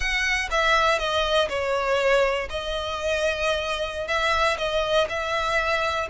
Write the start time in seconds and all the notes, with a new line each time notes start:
0.00 F#5
0.50 E5
0.98 D#5
1.49 C#5
2.49 D#5
4.07 E5
4.58 D#5
5.09 E5